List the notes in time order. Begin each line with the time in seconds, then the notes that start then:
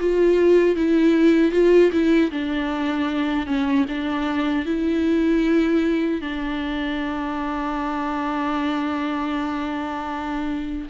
0.00 F4
0.76 E4
1.52 F4
1.92 E4
2.31 D4
3.46 C#4
3.89 D4
4.65 E4
6.21 D4